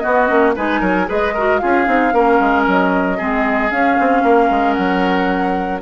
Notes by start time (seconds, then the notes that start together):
0.00 B3 F#4 D#5
0.28 A#3 C#4
0.56 G#3 D#4 B4 G#5
0.81 F#3 A#4
1.07 G#3 G#4 B4 D#5
1.34 F#4 A#4
1.58 C#4 F4 G#4 F5
1.86 C4 D#4
2.13 A#3 C#4 A#4
2.40 G#3
2.68 F#3 D#5
3.18 G#3 C4 G#4
3.71 C#4 F5
4.00 C4
4.23 A#3 A#4
4.51 G#3
4.74 F#3 F#5